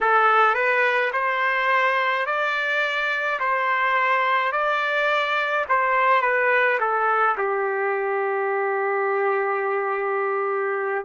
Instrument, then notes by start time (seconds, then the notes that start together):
trumpet
0.00 A4
0.54 B4
1.12 C5
2.25 D5
3.39 C5
4.52 D5
5.69 C5
6.21 B4
6.79 A4
7.37 G4